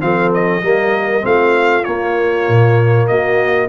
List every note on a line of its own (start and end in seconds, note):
0.00 0.63 F3
0.00 0.61 C4
0.00 0.64 A4
0.00 0.32 F5
0.34 1.26 D#5
0.62 1.24 G3
0.62 1.21 A#3
0.62 1.25 A#4
1.21 1.85 A3
1.21 1.82 C4
1.21 3.09 F4
1.21 1.84 F5
1.84 3.68 A#3
1.84 2.48 A#3
1.84 3.07 C#5
2.48 3.09 A#2
3.07 3.68 A#3
3.07 3.68 F#4
3.07 3.68 D#5